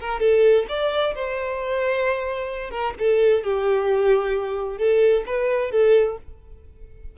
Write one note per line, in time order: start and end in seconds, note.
0.00 0.20 A#4
0.20 0.66 A4
0.69 1.15 D5
1.15 2.71 C5
2.71 2.94 A#4
2.99 3.44 A4
3.44 4.78 G4
4.78 5.24 A4
5.26 5.71 B4
5.71 6.17 A4